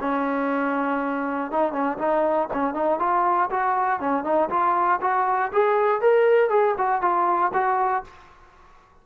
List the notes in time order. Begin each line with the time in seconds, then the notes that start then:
0.00 C#4
1.51 D#4
1.72 C#4
1.98 D#4
2.53 C#4
2.73 D#4
2.99 F4
3.50 F#4
4.00 C#4
4.24 D#4
4.49 F4
5.01 F#4
5.52 G#4
6.01 A#4
6.49 G#4
6.77 F#4
7.01 F4
7.53 F#4